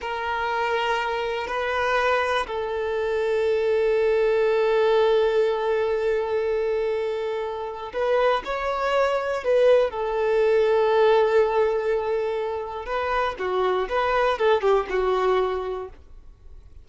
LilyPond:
\new Staff \with { instrumentName = "violin" } { \time 4/4 \tempo 4 = 121 ais'2. b'4~ | b'4 a'2.~ | a'1~ | a'1 |
b'4 cis''2 b'4 | a'1~ | a'2 b'4 fis'4 | b'4 a'8 g'8 fis'2 | }